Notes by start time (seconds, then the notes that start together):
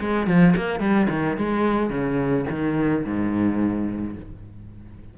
0.00 G#3
0.27 F3
0.56 A#3
0.80 G3
1.10 D#3
1.37 G#3
1.90 C#3
2.50 D#3
3.05 G#2